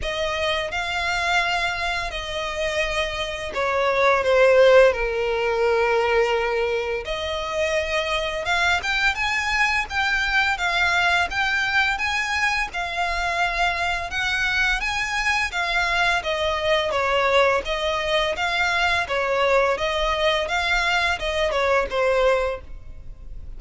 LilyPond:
\new Staff \with { instrumentName = "violin" } { \time 4/4 \tempo 4 = 85 dis''4 f''2 dis''4~ | dis''4 cis''4 c''4 ais'4~ | ais'2 dis''2 | f''8 g''8 gis''4 g''4 f''4 |
g''4 gis''4 f''2 | fis''4 gis''4 f''4 dis''4 | cis''4 dis''4 f''4 cis''4 | dis''4 f''4 dis''8 cis''8 c''4 | }